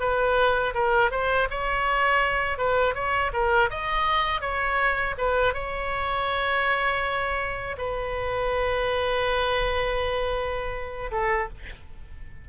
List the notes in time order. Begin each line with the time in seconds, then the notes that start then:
0.00 B4
0.74 A#4
1.11 C5
1.51 C#5
2.58 B4
2.95 C#5
3.33 A#4
3.71 D#5
4.41 C#5
5.18 B4
5.54 C#5
7.78 B4
11.12 A4